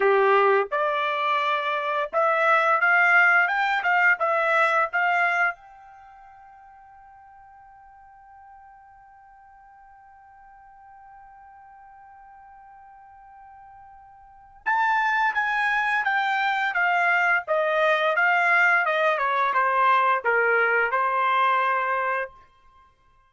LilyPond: \new Staff \with { instrumentName = "trumpet" } { \time 4/4 \tempo 4 = 86 g'4 d''2 e''4 | f''4 g''8 f''8 e''4 f''4 | g''1~ | g''1~ |
g''1~ | g''4 a''4 gis''4 g''4 | f''4 dis''4 f''4 dis''8 cis''8 | c''4 ais'4 c''2 | }